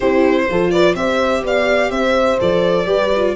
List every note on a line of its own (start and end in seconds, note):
0.00 0.48 C4
0.00 0.49 E4
0.00 0.44 G4
0.00 0.70 C5
0.49 0.95 F3
0.49 0.97 F4
0.49 0.72 A4
0.70 0.96 B4
0.70 0.94 D5
0.95 1.42 C4
0.95 2.39 G4
0.95 1.44 C5
0.95 1.43 E5
1.42 1.89 B3
1.42 1.91 D5
1.42 1.90 F5
1.89 2.37 C4
1.89 2.87 C5
1.89 2.38 E5
2.39 2.86 F3
2.39 2.85 A4
2.39 3.35 D5
2.85 3.34 G3
2.85 3.10 G4
2.85 3.35 B4
3.16 3.35 F4